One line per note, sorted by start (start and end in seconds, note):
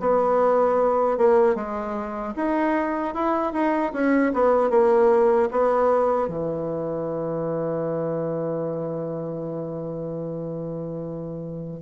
0.00 1.18 B3
1.18 1.55 A#3
1.55 2.34 G#3
2.36 3.14 D#4
3.14 3.53 E4
3.53 3.93 D#4
3.93 4.32 C#4
4.33 4.70 B3
4.70 5.49 A#3
5.52 6.28 B3
6.28 11.81 E3